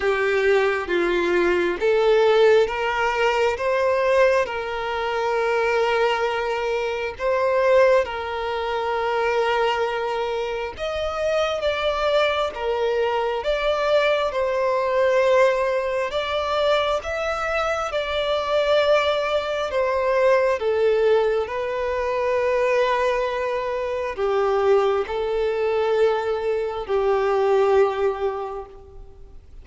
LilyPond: \new Staff \with { instrumentName = "violin" } { \time 4/4 \tempo 4 = 67 g'4 f'4 a'4 ais'4 | c''4 ais'2. | c''4 ais'2. | dis''4 d''4 ais'4 d''4 |
c''2 d''4 e''4 | d''2 c''4 a'4 | b'2. g'4 | a'2 g'2 | }